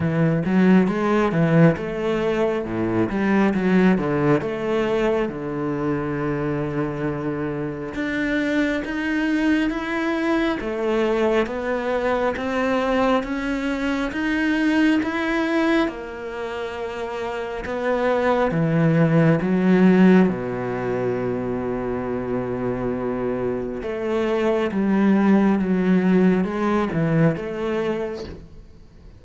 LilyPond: \new Staff \with { instrumentName = "cello" } { \time 4/4 \tempo 4 = 68 e8 fis8 gis8 e8 a4 a,8 g8 | fis8 d8 a4 d2~ | d4 d'4 dis'4 e'4 | a4 b4 c'4 cis'4 |
dis'4 e'4 ais2 | b4 e4 fis4 b,4~ | b,2. a4 | g4 fis4 gis8 e8 a4 | }